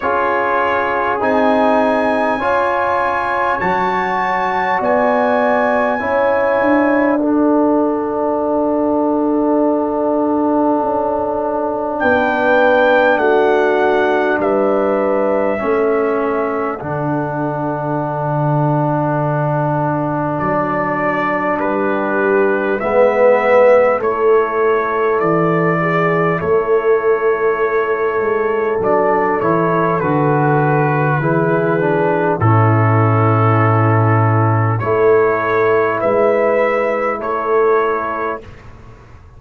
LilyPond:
<<
  \new Staff \with { instrumentName = "trumpet" } { \time 4/4 \tempo 4 = 50 cis''4 gis''2 a''4 | gis''2 fis''2~ | fis''2 g''4 fis''4 | e''2 fis''2~ |
fis''4 d''4 b'4 e''4 | cis''4 d''4 cis''2 | d''8 cis''8 b'2 a'4~ | a'4 cis''4 e''4 cis''4 | }
  \new Staff \with { instrumentName = "horn" } { \time 4/4 gis'2 cis''2 | d''4 cis''4 a'2~ | a'2 b'4 fis'4 | b'4 a'2.~ |
a'2 g'4 b'4 | a'4. gis'8 a'2~ | a'2 gis'4 e'4~ | e'4 a'4 b'4 a'4 | }
  \new Staff \with { instrumentName = "trombone" } { \time 4/4 f'4 dis'4 f'4 fis'4~ | fis'4 e'4 d'2~ | d'1~ | d'4 cis'4 d'2~ |
d'2. b4 | e'1 | d'8 e'8 fis'4 e'8 d'8 cis'4~ | cis'4 e'2. | }
  \new Staff \with { instrumentName = "tuba" } { \time 4/4 cis'4 c'4 cis'4 fis4 | b4 cis'8 d'2~ d'8~ | d'4 cis'4 b4 a4 | g4 a4 d2~ |
d4 fis4 g4 gis4 | a4 e4 a4. gis8 | fis8 e8 d4 e4 a,4~ | a,4 a4 gis4 a4 | }
>>